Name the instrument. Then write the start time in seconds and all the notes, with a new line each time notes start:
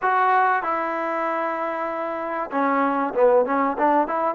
trombone
0.01 F#4
0.62 E4
2.51 C#4
3.14 B3
3.45 C#4
3.78 D4
4.07 E4